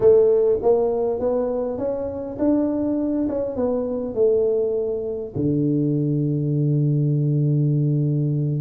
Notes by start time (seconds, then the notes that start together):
0.00 A3
0.62 A#3
1.19 B3
1.78 C#4
2.38 D4
3.28 C#4
3.56 B3
4.14 A3
5.35 D3